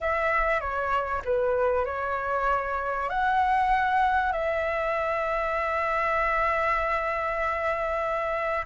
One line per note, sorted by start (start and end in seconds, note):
0.01 0.60 E5
0.60 1.22 C#5
1.24 1.85 B4
1.85 3.09 C#5
3.09 4.32 F#5
4.32 8.65 E5